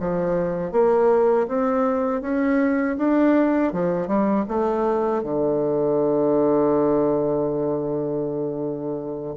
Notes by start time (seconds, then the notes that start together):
0.00 F3
0.72 A#3
1.48 C4
2.22 C#4
2.98 D4
3.73 F3
4.08 G3
4.48 A3
5.23 D3